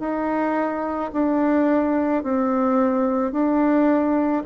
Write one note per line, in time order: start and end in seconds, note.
0.00 1.11 D#4
1.13 2.23 D4
2.23 3.32 C4
3.32 4.43 D4